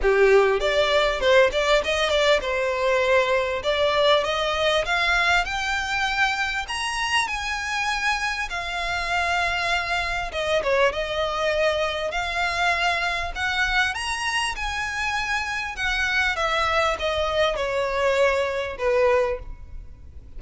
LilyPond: \new Staff \with { instrumentName = "violin" } { \time 4/4 \tempo 4 = 99 g'4 d''4 c''8 d''8 dis''8 d''8 | c''2 d''4 dis''4 | f''4 g''2 ais''4 | gis''2 f''2~ |
f''4 dis''8 cis''8 dis''2 | f''2 fis''4 ais''4 | gis''2 fis''4 e''4 | dis''4 cis''2 b'4 | }